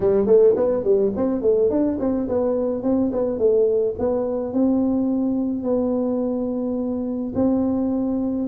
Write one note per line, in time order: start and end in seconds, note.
0.00 0.26 G3
0.26 0.54 A3
0.56 0.83 B3
0.83 1.12 G3
1.16 1.41 C4
1.41 1.70 A3
1.70 1.98 D4
1.99 2.28 C4
2.28 2.83 B3
2.83 3.11 C4
3.12 3.38 B3
3.38 3.95 A3
3.98 4.53 B3
4.53 5.63 C4
5.63 7.33 B3
7.34 8.48 C4